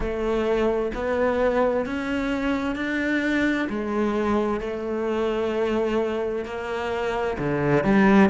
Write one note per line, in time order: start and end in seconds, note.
0.00 0.91 A3
0.94 1.85 B3
1.85 2.75 C#4
2.75 3.68 D4
3.69 4.60 G#3
4.60 6.44 A3
6.44 7.37 A#3
7.38 7.84 D3
7.84 8.29 G3